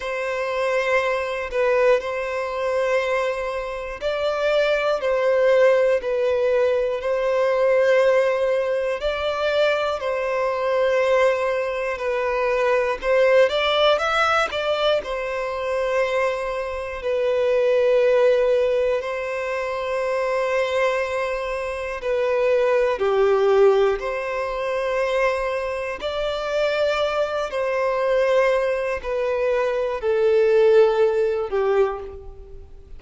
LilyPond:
\new Staff \with { instrumentName = "violin" } { \time 4/4 \tempo 4 = 60 c''4. b'8 c''2 | d''4 c''4 b'4 c''4~ | c''4 d''4 c''2 | b'4 c''8 d''8 e''8 d''8 c''4~ |
c''4 b'2 c''4~ | c''2 b'4 g'4 | c''2 d''4. c''8~ | c''4 b'4 a'4. g'8 | }